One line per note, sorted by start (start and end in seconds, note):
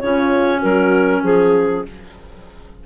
0.00 0.64 C#3
0.00 1.87 C#4
0.00 0.60 F4
0.00 0.61 C#5
0.60 1.24 F#3
0.60 1.22 F#4
0.60 1.23 A#4
1.24 1.85 F3
1.24 1.85 G#4
1.24 1.86 G#4